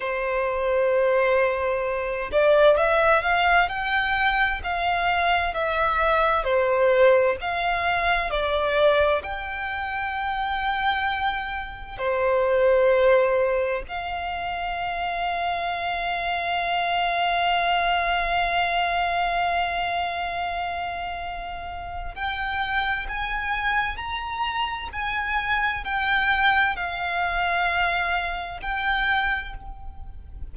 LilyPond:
\new Staff \with { instrumentName = "violin" } { \time 4/4 \tempo 4 = 65 c''2~ c''8 d''8 e''8 f''8 | g''4 f''4 e''4 c''4 | f''4 d''4 g''2~ | g''4 c''2 f''4~ |
f''1~ | f''1 | g''4 gis''4 ais''4 gis''4 | g''4 f''2 g''4 | }